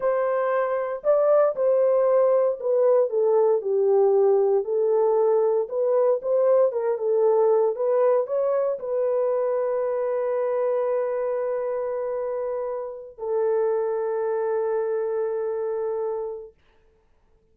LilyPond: \new Staff \with { instrumentName = "horn" } { \time 4/4 \tempo 4 = 116 c''2 d''4 c''4~ | c''4 b'4 a'4 g'4~ | g'4 a'2 b'4 | c''4 ais'8 a'4. b'4 |
cis''4 b'2.~ | b'1~ | b'4. a'2~ a'8~ | a'1 | }